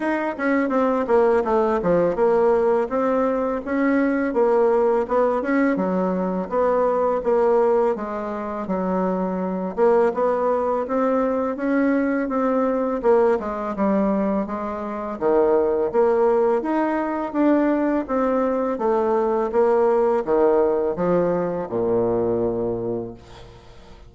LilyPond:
\new Staff \with { instrumentName = "bassoon" } { \time 4/4 \tempo 4 = 83 dis'8 cis'8 c'8 ais8 a8 f8 ais4 | c'4 cis'4 ais4 b8 cis'8 | fis4 b4 ais4 gis4 | fis4. ais8 b4 c'4 |
cis'4 c'4 ais8 gis8 g4 | gis4 dis4 ais4 dis'4 | d'4 c'4 a4 ais4 | dis4 f4 ais,2 | }